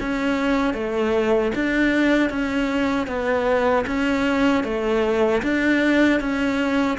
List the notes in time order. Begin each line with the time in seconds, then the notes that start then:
0.00 C#4
0.74 A3
1.54 D4
2.29 C#4
3.07 B3
3.86 C#4
4.63 A3
5.42 D4
6.20 C#4